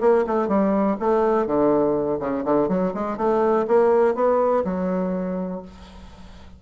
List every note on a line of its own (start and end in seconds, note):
0.00 0.24 A#3
0.26 0.48 A3
0.48 0.96 G3
0.99 1.46 A3
1.46 2.19 D3
2.20 2.44 C#3
2.44 2.68 D3
2.68 2.92 F#3
2.94 3.17 G#3
3.17 3.65 A3
3.67 4.14 A#3
4.14 4.63 B3
4.64 5.61 F#3